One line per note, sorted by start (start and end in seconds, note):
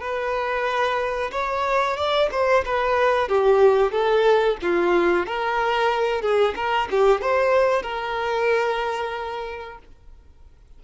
0.00 1.30 B4
1.31 1.96 C#5
1.96 2.29 D5
2.31 2.64 C5
2.65 3.28 B4
3.28 3.91 G4
3.91 4.57 A4
4.62 5.26 F4
5.26 6.21 A#4
6.21 6.54 G#4
6.55 6.88 A#4
6.90 7.21 G4
7.21 7.82 C5
7.82 9.78 A#4